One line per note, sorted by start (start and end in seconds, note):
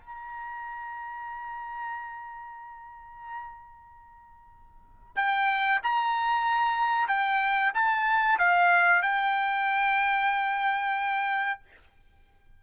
0.00 5.16 A#5
5.16 5.80 G5
5.83 7.08 A#5
7.08 7.72 G5
7.74 8.38 A5
8.38 9.02 F5
9.02 11.60 G5